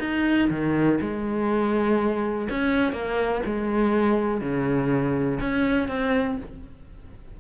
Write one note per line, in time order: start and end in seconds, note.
0.00 0.49 D#4
0.51 1.00 D#3
1.01 2.49 G#3
2.50 2.93 C#4
2.93 3.42 A#3
3.46 4.42 G#3
4.42 5.40 C#3
5.41 5.89 C#4
5.89 6.38 C4